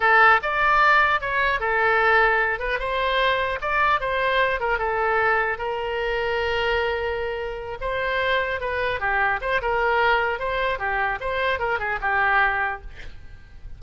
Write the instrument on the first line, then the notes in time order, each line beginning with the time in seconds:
oboe
0.00 A4
0.42 D5
1.21 C#5
1.59 A4
2.59 B4
2.79 C5
3.61 D5
4.00 C5
4.60 A#4
4.78 A4
5.58 A#4
7.80 C5
8.60 B4
8.99 G4
9.41 C5
9.61 A#4
10.39 C5
10.78 G4
11.20 C5
11.59 A#4
11.79 G#4
12.01 G4